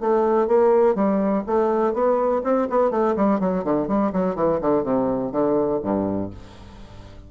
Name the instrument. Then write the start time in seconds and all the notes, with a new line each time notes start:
bassoon
0.00 A3
0.48 A#3
0.95 G3
1.46 A3
1.93 B3
2.44 C4
2.70 B3
2.91 A3
3.16 G3
3.40 F#3
3.64 D3
3.88 G3
4.13 F#3
4.35 E3
4.61 D3
4.83 C3
5.32 D3
5.82 G2